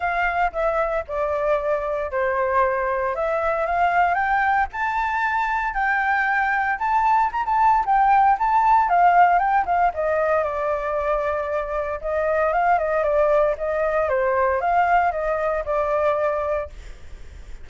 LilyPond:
\new Staff \with { instrumentName = "flute" } { \time 4/4 \tempo 4 = 115 f''4 e''4 d''2 | c''2 e''4 f''4 | g''4 a''2 g''4~ | g''4 a''4 ais''16 a''8. g''4 |
a''4 f''4 g''8 f''8 dis''4 | d''2. dis''4 | f''8 dis''8 d''4 dis''4 c''4 | f''4 dis''4 d''2 | }